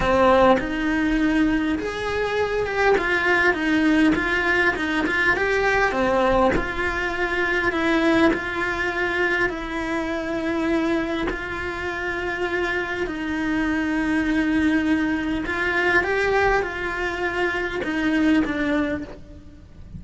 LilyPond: \new Staff \with { instrumentName = "cello" } { \time 4/4 \tempo 4 = 101 c'4 dis'2 gis'4~ | gis'8 g'8 f'4 dis'4 f'4 | dis'8 f'8 g'4 c'4 f'4~ | f'4 e'4 f'2 |
e'2. f'4~ | f'2 dis'2~ | dis'2 f'4 g'4 | f'2 dis'4 d'4 | }